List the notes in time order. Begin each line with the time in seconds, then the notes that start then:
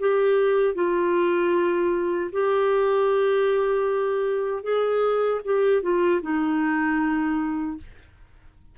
0.00 G4
0.75 F4
2.32 G4
4.63 G#4
5.45 G4
5.82 F4
6.22 D#4